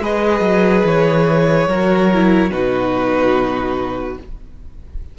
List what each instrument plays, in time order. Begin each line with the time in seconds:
0.00 cello G#3, viola G#4, violin B4 D#5
0.41 cello F#3
0.84 cello E3, violin C#5
1.68 cello F#3, viola F#4, violin A#4
2.13 viola E4
2.51 cello B2, viola D#4, violin F#4 B4